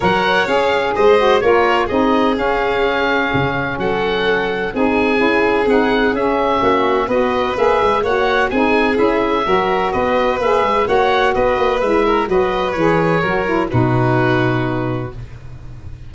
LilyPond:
<<
  \new Staff \with { instrumentName = "oboe" } { \time 4/4 \tempo 4 = 127 fis''4 f''4 dis''4 cis''4 | dis''4 f''2. | fis''2 gis''2 | fis''4 e''2 dis''4 |
e''4 fis''4 gis''4 e''4~ | e''4 dis''4 e''4 fis''4 | dis''4 e''4 dis''4 cis''4~ | cis''4 b'2. | }
  \new Staff \with { instrumentName = "violin" } { \time 4/4 cis''2 c''4 ais'4 | gis'1 | a'2 gis'2~ | gis'2 fis'4 b'4~ |
b'4 cis''4 gis'2 | ais'4 b'2 cis''4 | b'4. ais'8 b'2 | ais'4 fis'2. | }
  \new Staff \with { instrumentName = "saxophone" } { \time 4/4 ais'4 gis'4. fis'8 f'4 | dis'4 cis'2.~ | cis'2 dis'4 e'4 | dis'4 cis'2 fis'4 |
gis'4 fis'4 dis'4 e'4 | fis'2 gis'4 fis'4~ | fis'4 e'4 fis'4 gis'4 | fis'8 e'8 dis'2. | }
  \new Staff \with { instrumentName = "tuba" } { \time 4/4 fis4 cis'4 gis4 ais4 | c'4 cis'2 cis4 | fis2 c'4 cis'4 | c'4 cis'4 ais4 b4 |
ais8 gis8 ais4 c'4 cis'4 | fis4 b4 ais8 gis8 ais4 | b8 ais8 gis4 fis4 e4 | fis4 b,2. | }
>>